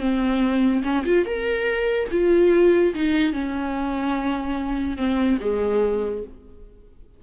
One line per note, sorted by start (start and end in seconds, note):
0.00 0.83 C4
0.84 1.04 C#4
1.05 1.26 F4
1.26 2.08 A#4
2.11 2.94 F4
2.95 3.33 D#4
3.33 4.97 C#4
4.97 5.39 C4
5.41 6.23 G#3